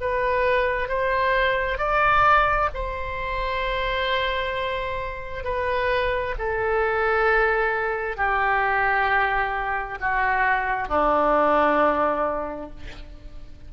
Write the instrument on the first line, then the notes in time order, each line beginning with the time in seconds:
oboe
0.00 B4
0.88 C5
1.78 D5
2.74 C5
5.43 B4
6.38 A4
8.17 G4
10.00 F#4
10.88 D4